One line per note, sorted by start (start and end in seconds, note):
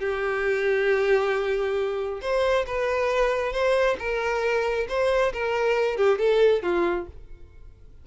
0.00 2.21 G4
2.21 2.65 C5
2.67 3.53 B4
3.53 3.97 C5
3.99 4.87 A#4
4.89 5.33 C5
5.33 5.97 A#4
5.97 6.18 G4
6.18 6.63 A4
6.63 7.07 F4